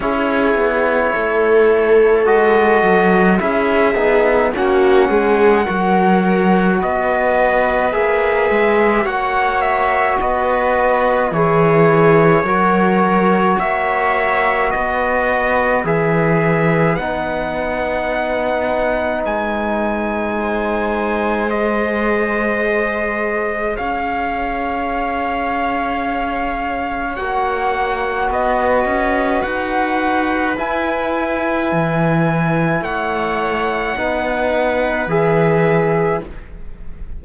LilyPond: <<
  \new Staff \with { instrumentName = "trumpet" } { \time 4/4 \tempo 4 = 53 cis''2 dis''4 e''4 | fis''2 dis''4 e''4 | fis''8 e''8 dis''4 cis''2 | e''4 dis''4 e''4 fis''4~ |
fis''4 gis''2 dis''4~ | dis''4 f''2. | fis''4 dis''4 fis''4 gis''4~ | gis''4 fis''2 e''4 | }
  \new Staff \with { instrumentName = "viola" } { \time 4/4 gis'4 a'2 gis'4 | fis'8 gis'8 ais'4 b'2 | cis''4 b'4 gis'4 ais'4 | cis''4 b'2.~ |
b'2 c''2~ | c''4 cis''2.~ | cis''4 b'2.~ | b'4 cis''4 b'2 | }
  \new Staff \with { instrumentName = "trombone" } { \time 4/4 e'2 fis'4 e'8 dis'8 | cis'4 fis'2 gis'4 | fis'2 e'4 fis'4~ | fis'2 gis'4 dis'4~ |
dis'2. gis'4~ | gis'1 | fis'2. e'4~ | e'2 dis'4 gis'4 | }
  \new Staff \with { instrumentName = "cello" } { \time 4/4 cis'8 b8 a4 gis8 fis8 cis'8 b8 | ais8 gis8 fis4 b4 ais8 gis8 | ais4 b4 e4 fis4 | ais4 b4 e4 b4~ |
b4 gis2.~ | gis4 cis'2. | ais4 b8 cis'8 dis'4 e'4 | e4 a4 b4 e4 | }
>>